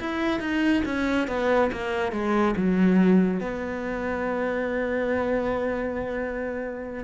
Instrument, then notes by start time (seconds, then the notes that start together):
cello
0.00 E4
0.40 D#4
0.85 C#4
1.28 B3
1.72 A#3
2.12 G#3
2.56 F#3
3.41 B3